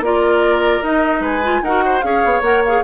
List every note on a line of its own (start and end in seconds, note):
0.00 0.81 A#3
0.00 0.84 F4
0.00 1.21 A#4
0.00 0.83 D5
0.82 1.20 D#4
0.82 1.43 D#4
0.82 1.23 D#5
1.20 1.60 G#3
1.20 1.61 B4
1.20 1.64 G#5
1.43 1.63 F4
1.62 2.02 D#4
1.62 2.02 F#4
1.62 1.84 A#4
1.62 2.02 F#5
1.85 2.05 C5
2.02 2.24 C#4
2.02 2.42 G#4
2.02 2.84 C#5
2.02 2.42 F5
2.25 2.41 B3
2.41 2.82 A#3
2.41 2.64 A#4
2.41 2.64 F#5
2.64 2.84 G#4
2.64 2.84 F5